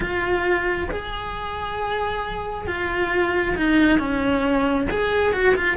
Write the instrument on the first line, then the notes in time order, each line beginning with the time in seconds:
cello
0.00 F4
0.91 G#4
2.67 F4
3.56 D#4
3.98 C#4
4.90 G#4
5.32 F#4
5.55 F4